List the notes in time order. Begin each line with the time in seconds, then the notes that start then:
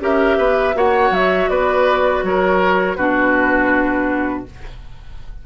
0.00 C#4 G4 A#4 E5
0.37 B3 B4
0.75 A#3 F#4 C#5 F#5
1.10 F#3 E5
1.49 B3 B4 D5
2.23 F#3 A#4 C#5
2.96 B2 D4 F#4 B4